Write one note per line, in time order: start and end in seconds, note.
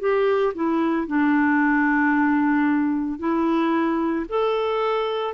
0.00 0.54 G4
0.55 1.07 E4
1.07 3.19 D4
3.19 4.26 E4
4.29 5.34 A4